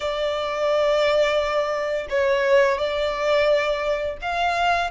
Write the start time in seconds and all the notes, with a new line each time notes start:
0.00 D5
2.09 C#5
2.78 D5
4.21 F5